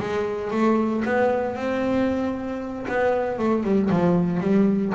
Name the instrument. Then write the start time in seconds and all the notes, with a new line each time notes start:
double bass
0.00 G#3
0.51 A3
1.05 B3
1.56 C4
2.89 B3
3.39 A3
3.64 G3
3.91 F3
4.41 G3